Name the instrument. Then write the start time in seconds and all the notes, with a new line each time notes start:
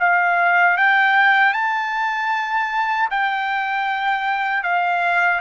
trumpet
0.00 F5
0.78 G5
1.53 A5
3.11 G5
4.63 F5